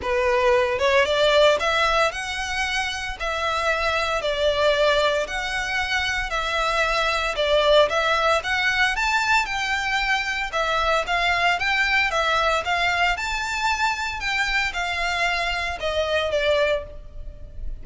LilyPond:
\new Staff \with { instrumentName = "violin" } { \time 4/4 \tempo 4 = 114 b'4. cis''8 d''4 e''4 | fis''2 e''2 | d''2 fis''2 | e''2 d''4 e''4 |
fis''4 a''4 g''2 | e''4 f''4 g''4 e''4 | f''4 a''2 g''4 | f''2 dis''4 d''4 | }